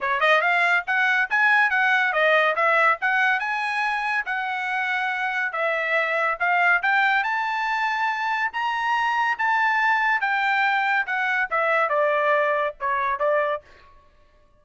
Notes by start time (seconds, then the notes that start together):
0.00 C#5
0.20 D#5
0.41 F5
0.86 F#5
1.30 G#5
1.70 F#5
2.12 D#5
2.55 E5
3.01 F#5
3.39 G#5
4.25 F#5
5.52 E5
6.39 F5
6.82 G5
7.23 A5
8.52 A#5
9.38 A5
10.21 G5
11.06 F#5
11.50 E5
11.89 D5
12.80 C#5
13.19 D5